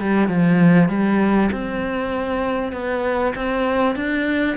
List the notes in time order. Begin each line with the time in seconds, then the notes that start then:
0.00 G3
0.28 F3
0.89 G3
1.52 C4
2.72 B3
3.35 C4
3.96 D4